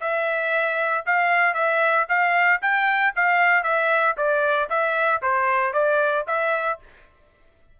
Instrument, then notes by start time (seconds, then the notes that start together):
trumpet
0.00 E5
1.06 F5
1.54 E5
2.08 F5
2.61 G5
3.16 F5
3.63 E5
4.17 D5
4.69 E5
5.22 C5
5.73 D5
6.27 E5